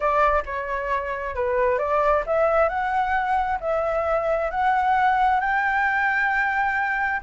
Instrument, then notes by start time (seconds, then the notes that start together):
flute
0.00 D5
0.45 C#5
1.35 B4
1.78 D5
2.26 E5
2.68 F#5
3.60 E5
4.51 F#5
5.40 G5